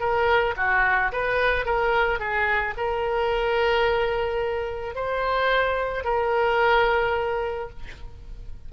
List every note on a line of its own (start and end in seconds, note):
0.00 0.55 A#4
0.57 1.12 F#4
1.13 1.66 B4
1.66 2.19 A#4
2.19 2.74 G#4
2.77 4.95 A#4
4.95 6.05 C5
6.05 7.70 A#4